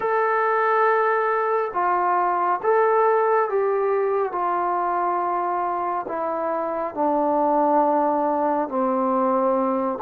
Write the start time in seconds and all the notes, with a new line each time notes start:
0.00 A4
1.73 F4
2.62 A4
3.49 G4
4.32 F4
6.08 E4
6.94 D4
8.68 C4